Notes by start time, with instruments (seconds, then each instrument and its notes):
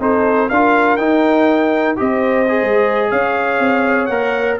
0.00 tuba C4, trombone D#4, horn A4, trumpet C5
0.49 tuba D4, trombone F4, horn A#4, trumpet F5
0.97 tuba D#4, trombone D#4, trumpet G5
1.96 tuba C4, trombone G4, horn C5, trumpet D#5
2.48 trombone G#4
2.62 tuba G#3
3.10 tuba C#4, horn C#5, trumpet F5
3.59 tuba C4
4.06 tuba A#3, trombone A#4, trumpet F#5